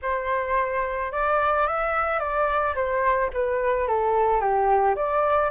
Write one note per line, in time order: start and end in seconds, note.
0.02 1.12 C5
1.12 1.67 D5
1.67 2.19 E5
2.19 2.74 D5
2.75 3.30 C5
3.33 3.87 B4
3.87 4.40 A4
4.40 4.95 G4
4.95 5.50 D5